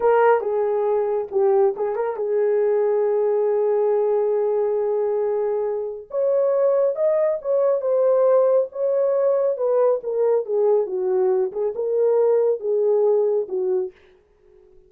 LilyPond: \new Staff \with { instrumentName = "horn" } { \time 4/4 \tempo 4 = 138 ais'4 gis'2 g'4 | gis'8 ais'8 gis'2.~ | gis'1~ | gis'2 cis''2 |
dis''4 cis''4 c''2 | cis''2 b'4 ais'4 | gis'4 fis'4. gis'8 ais'4~ | ais'4 gis'2 fis'4 | }